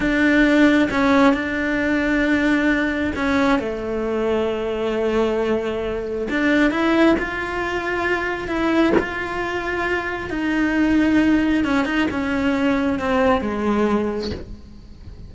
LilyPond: \new Staff \with { instrumentName = "cello" } { \time 4/4 \tempo 4 = 134 d'2 cis'4 d'4~ | d'2. cis'4 | a1~ | a2 d'4 e'4 |
f'2. e'4 | f'2. dis'4~ | dis'2 cis'8 dis'8 cis'4~ | cis'4 c'4 gis2 | }